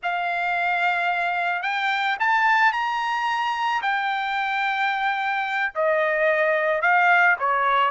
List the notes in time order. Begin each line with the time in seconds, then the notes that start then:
0.02 F5
1.62 G5
2.19 A5
2.72 A#5
3.82 G5
5.74 D#5
6.81 F5
7.39 C#5